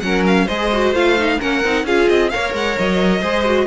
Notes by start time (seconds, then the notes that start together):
0.00 F#3 C#4 A#4 F#5
0.26 F5
0.45 G#3 G#4 C5 D#5
0.72 F#4
0.92 A3 F4 F5
1.17 D#4
1.39 A#3 C#4 A#4 F#5
1.64 C4 D#4
1.84 C#4 F4 G#4 F5
2.08 C4 D#5
2.29 A#3 A#4 C#5 F5
2.53 G#3 F#5
2.78 F#3 D#5
3.20 G#3 G#4 C5
3.45 F#4